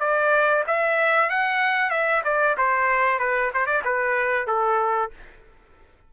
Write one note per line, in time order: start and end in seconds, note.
0.00 0.64 D5
0.67 1.30 E5
1.30 1.90 F#5
1.90 2.22 E5
2.25 2.56 D5
2.58 3.19 C5
3.19 3.51 B4
3.54 3.66 C5
3.66 3.82 D5
3.85 4.47 B4
4.47 5.11 A4